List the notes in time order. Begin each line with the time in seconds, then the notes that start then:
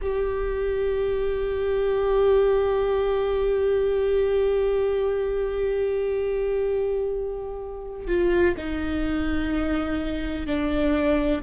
0.01 G4
8.07 F4
8.57 D#4
10.46 D4